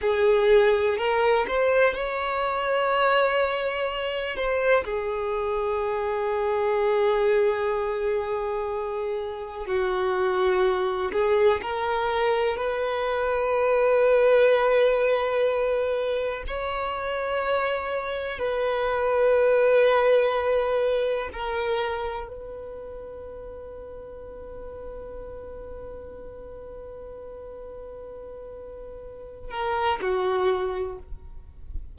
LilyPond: \new Staff \with { instrumentName = "violin" } { \time 4/4 \tempo 4 = 62 gis'4 ais'8 c''8 cis''2~ | cis''8 c''8 gis'2.~ | gis'2 fis'4. gis'8 | ais'4 b'2.~ |
b'4 cis''2 b'4~ | b'2 ais'4 b'4~ | b'1~ | b'2~ b'8 ais'8 fis'4 | }